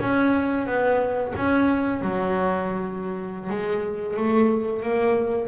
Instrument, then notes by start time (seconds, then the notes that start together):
double bass
0.00 C#4
0.66 B3
1.36 C#4
2.01 F#3
3.50 G#3
4.16 A3
4.83 A#3